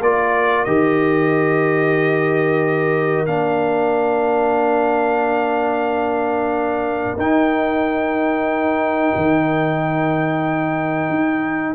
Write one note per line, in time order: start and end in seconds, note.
0.00 0.65 A#3
0.00 0.66 F4
0.00 11.75 A#4
0.00 0.64 D5
0.64 3.26 D#3
0.64 3.26 G4
0.64 3.25 D#5
3.26 7.17 A#3
3.26 7.18 D4
3.26 7.17 F5
7.17 9.13 D#4
7.17 11.75 D#4
7.17 11.75 G5
9.15 11.09 D#3
11.09 11.74 D#4